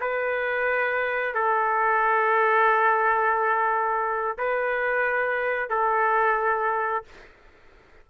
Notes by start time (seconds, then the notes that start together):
0.00 B4
1.34 A4
4.38 B4
5.69 A4